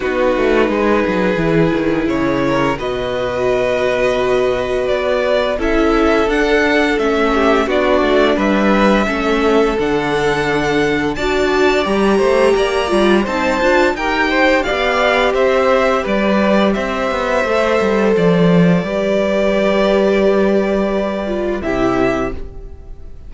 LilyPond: <<
  \new Staff \with { instrumentName = "violin" } { \time 4/4 \tempo 4 = 86 b'2. cis''4 | dis''2. d''4 | e''4 fis''4 e''4 d''4 | e''2 fis''2 |
a''4 ais''2 a''4 | g''4 f''4 e''4 d''4 | e''2 d''2~ | d''2. e''4 | }
  \new Staff \with { instrumentName = "violin" } { \time 4/4 fis'4 gis'2~ gis'8 ais'8 | b'1 | a'2~ a'8 g'8 fis'4 | b'4 a'2. |
d''4. c''8 d''4 c''4 | ais'8 c''8 d''4 c''4 b'4 | c''2. b'4~ | b'2. g'4 | }
  \new Staff \with { instrumentName = "viola" } { \time 4/4 dis'2 e'2 | fis'1 | e'4 d'4 cis'4 d'4~ | d'4 cis'4 d'2 |
fis'4 g'4. f'8 dis'8 f'8 | g'1~ | g'4 a'2 g'4~ | g'2~ g'8 f'8 e'4 | }
  \new Staff \with { instrumentName = "cello" } { \time 4/4 b8 a8 gis8 fis8 e8 dis8 cis4 | b,2. b4 | cis'4 d'4 a4 b8 a8 | g4 a4 d2 |
d'4 g8 a8 ais8 g8 c'8 d'8 | dis'4 b4 c'4 g4 | c'8 b8 a8 g8 f4 g4~ | g2. c4 | }
>>